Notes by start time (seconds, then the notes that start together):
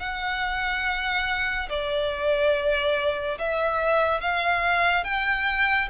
0.00 F#5
1.70 D5
3.39 E5
4.21 F5
5.05 G5